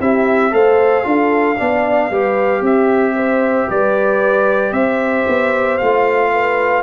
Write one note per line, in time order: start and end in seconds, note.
0.00 0.53 C4
0.00 0.51 E4
0.00 0.53 G4
0.00 0.54 E5
0.51 1.05 A3
0.51 1.04 A4
0.51 1.06 C5
0.51 2.64 F5
1.04 1.58 D4
1.04 1.56 F4
1.04 1.58 A4
1.58 2.11 B3
1.58 2.12 D4
1.58 2.11 D5
2.11 2.61 G3
2.11 5.80 G4
2.11 2.61 B4
2.61 3.67 C4
2.61 3.14 G4
2.61 3.70 E5
3.15 3.68 C5
3.68 4.72 G3
3.68 4.73 B4
3.68 4.73 D5
4.72 5.25 C4
4.72 6.30 C5
4.72 5.78 E5
5.28 5.80 B3
5.78 6.82 A3
5.78 6.82 F4
5.78 6.82 F5
6.32 6.82 B4